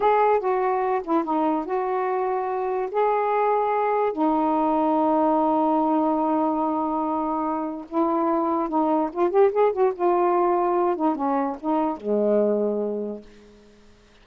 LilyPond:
\new Staff \with { instrumentName = "saxophone" } { \time 4/4 \tempo 4 = 145 gis'4 fis'4. e'8 dis'4 | fis'2. gis'4~ | gis'2 dis'2~ | dis'1~ |
dis'2. e'4~ | e'4 dis'4 f'8 g'8 gis'8 fis'8 | f'2~ f'8 dis'8 cis'4 | dis'4 gis2. | }